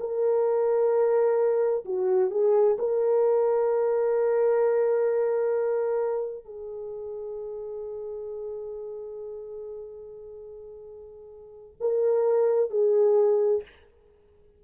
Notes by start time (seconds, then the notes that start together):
0.00 A#4
1.85 F#4
2.31 G#4
2.79 A#4
6.45 G#4
11.80 A#4
12.70 G#4